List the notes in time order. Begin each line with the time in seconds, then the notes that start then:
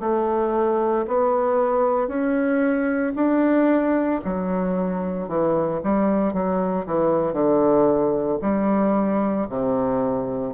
0.00 A3
1.07 B3
2.08 C#4
3.15 D4
4.25 F#3
5.28 E3
5.83 G3
6.33 F#3
6.86 E3
7.33 D3
8.42 G3
9.49 C3